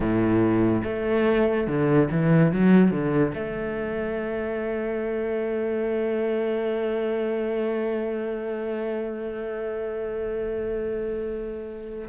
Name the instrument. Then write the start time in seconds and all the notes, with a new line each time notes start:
cello
0.00 A2
0.83 A3
1.67 D3
2.11 E3
2.52 F#3
2.91 D3
3.34 A3